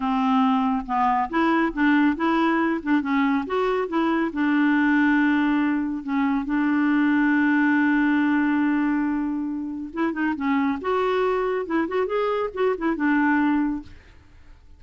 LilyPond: \new Staff \with { instrumentName = "clarinet" } { \time 4/4 \tempo 4 = 139 c'2 b4 e'4 | d'4 e'4. d'8 cis'4 | fis'4 e'4 d'2~ | d'2 cis'4 d'4~ |
d'1~ | d'2. e'8 dis'8 | cis'4 fis'2 e'8 fis'8 | gis'4 fis'8 e'8 d'2 | }